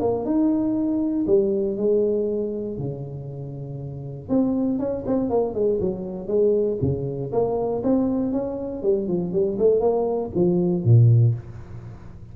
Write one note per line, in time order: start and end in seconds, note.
0.00 0.25 A#3
0.25 1.26 D#4
1.27 1.77 G3
1.77 2.78 G#3
2.78 4.29 C#3
4.29 4.79 C4
4.79 5.04 C#4
5.06 5.30 C4
5.30 5.54 A#3
5.54 5.79 G#3
5.81 6.27 F#3
6.27 6.77 G#3
6.81 7.32 C#3
7.32 7.82 A#3
7.83 8.32 C4
8.32 8.82 C#4
8.82 9.08 G3
9.08 9.32 F3
9.32 9.58 G3
9.58 9.80 A3
9.80 10.30 A#3
10.35 10.84 F3
10.84 11.34 A#2